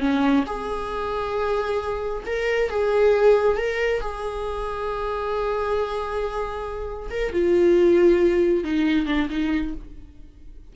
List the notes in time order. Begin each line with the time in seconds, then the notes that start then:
0.00 C#4
0.47 G#4
2.26 A#4
2.70 G#4
3.57 A#4
4.01 G#4
7.10 A#4
7.33 F4
8.64 D#4
9.06 D4
9.30 D#4